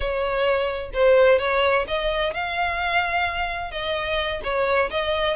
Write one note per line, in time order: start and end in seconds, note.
0.00 0.91 C#5
0.93 1.38 C5
1.38 1.85 C#5
1.87 2.33 D#5
2.33 3.71 F5
3.71 4.41 D#5
4.43 4.90 C#5
4.90 5.36 D#5